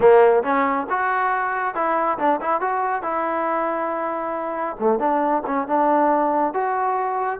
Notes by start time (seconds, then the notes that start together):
0.00 A#3
0.43 C#4
0.89 F#4
1.74 E4
2.18 D4
2.41 E4
2.60 F#4
3.02 E4
4.79 A3
4.99 D4
5.46 C#4
5.67 D4
6.53 F#4